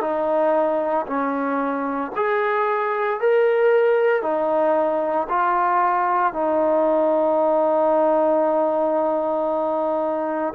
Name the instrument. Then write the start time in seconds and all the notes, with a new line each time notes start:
trombone
0.00 D#4
1.06 C#4
2.15 G#4
3.20 A#4
4.22 D#4
5.29 F4
6.33 D#4